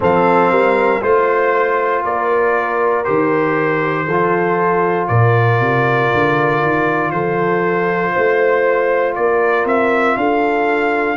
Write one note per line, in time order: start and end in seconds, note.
0.00 0.50 F3
0.00 1.00 C4
0.00 0.51 A4
0.00 1.02 F5
0.50 1.01 G3
0.50 1.01 A#4
1.01 2.03 A3
1.01 3.04 F4
1.01 2.03 C5
1.01 2.04 C5
2.03 3.05 A#3
2.03 4.06 A#4
2.03 3.04 D5
3.04 4.06 D#3
3.04 4.06 G4
3.04 5.07 C5
4.06 5.08 F3
4.06 11.17 F4
4.06 5.07 A4
5.07 5.60 A#2
5.07 7.12 A#4
5.07 7.10 D5
5.60 6.10 C3
6.13 6.62 D3
6.62 7.11 D#3
7.10 8.13 F3
7.10 8.12 A4
7.10 9.14 C5
8.12 9.17 A3
8.12 9.14 C5
9.15 9.64 A#3
9.15 10.18 A#4
9.15 9.65 D5
9.64 10.15 C4
9.64 10.17 E5
10.16 11.17 D4
10.16 11.17 A4
10.16 11.17 F5